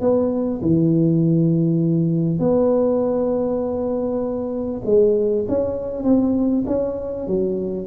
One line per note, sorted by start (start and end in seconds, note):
0.00 0.61 B3
0.61 2.39 E3
2.39 4.82 B3
4.85 5.45 G#3
5.48 6.03 C#4
6.03 6.64 C4
6.67 7.27 C#4
7.27 7.87 F#3